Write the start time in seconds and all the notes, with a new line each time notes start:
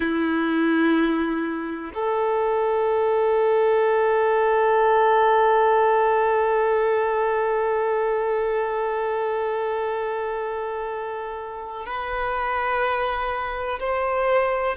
0.00 E4
1.94 A4
11.85 B4
13.79 C5